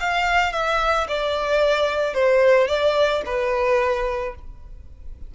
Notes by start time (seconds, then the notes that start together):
0.00 F5
0.53 E5
1.08 D5
2.14 C5
2.68 D5
3.26 B4